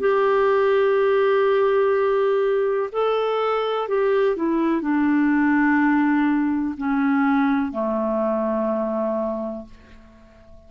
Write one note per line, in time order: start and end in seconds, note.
0.00 2.90 G4
2.93 3.89 A4
3.89 4.36 G4
4.36 4.82 E4
4.82 6.75 D4
6.78 7.72 C#4
7.72 9.66 A3